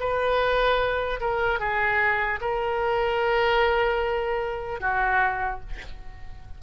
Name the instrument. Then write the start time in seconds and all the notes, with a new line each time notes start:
oboe
0.00 B4
1.20 A#4
1.59 G#4
2.41 A#4
4.80 F#4